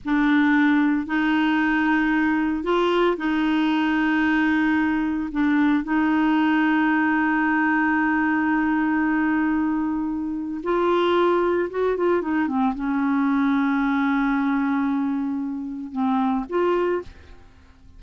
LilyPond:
\new Staff \with { instrumentName = "clarinet" } { \time 4/4 \tempo 4 = 113 d'2 dis'2~ | dis'4 f'4 dis'2~ | dis'2 d'4 dis'4~ | dis'1~ |
dis'1 | f'2 fis'8 f'8 dis'8 c'8 | cis'1~ | cis'2 c'4 f'4 | }